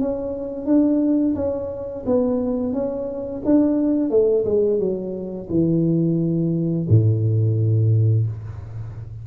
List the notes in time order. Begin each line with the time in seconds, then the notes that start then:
0.00 C#4
0.66 D4
1.36 C#4
2.06 B3
2.73 C#4
3.45 D4
4.11 A3
4.45 G#3
4.79 F#3
5.50 E3
6.89 A2